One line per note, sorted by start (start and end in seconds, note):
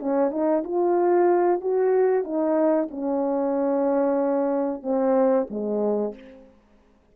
0.00 0.31 C#4
0.31 0.63 D#4
0.64 1.61 F4
1.61 2.24 F#4
2.24 2.89 D#4
2.91 4.83 C#4
4.83 5.47 C4
5.50 6.15 G#3